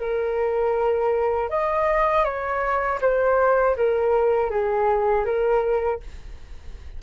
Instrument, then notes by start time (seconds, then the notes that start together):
flute
0.00 A#4
1.50 D#5
2.25 C#5
3.01 C5
3.77 A#4
4.51 G#4
5.25 A#4